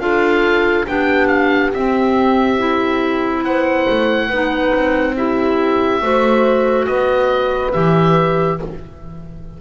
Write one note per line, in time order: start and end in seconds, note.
0.00 0.86 D4
0.00 0.86 F4
0.00 0.88 A4
0.00 0.86 F5
0.87 1.74 B3
0.87 1.73 D4
0.87 3.45 G4
0.87 1.28 G5
1.28 1.71 F5
1.74 3.45 C4
1.74 2.59 C4
1.74 3.45 E5
2.59 4.30 E4
3.45 3.88 B3
3.45 4.28 C5
3.45 5.16 F#5
3.90 4.31 A3
4.28 4.73 B3
4.28 5.16 D#4
4.28 5.14 B4
4.74 6.02 C4
5.16 6.01 E4
5.16 6.03 G4
5.16 6.86 E5
6.01 6.88 A3
6.01 7.73 F#4
6.01 6.89 C5
6.86 7.74 B3
6.86 8.60 B4
6.86 7.72 D#5
7.73 8.61 E3
7.73 8.59 G4
7.73 8.58 E5